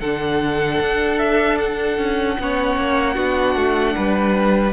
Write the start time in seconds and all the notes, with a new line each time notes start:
0.00 D3 D4 A4 F#5
0.80 D4
1.18 E5
1.58 F#5
1.98 C#4
2.39 B3 C#4 C#5
2.76 A#3
3.14 B3 D4 F#4
3.55 A3
3.94 G3 B4